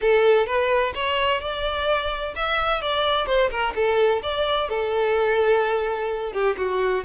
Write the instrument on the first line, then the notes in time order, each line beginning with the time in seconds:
violin
0.01 A4
0.46 B4
0.94 C#5
1.40 D5
2.35 E5
2.81 D5
3.26 C5
3.50 A#4
3.75 A4
4.22 D5
4.69 A4
6.32 G4
6.57 F#4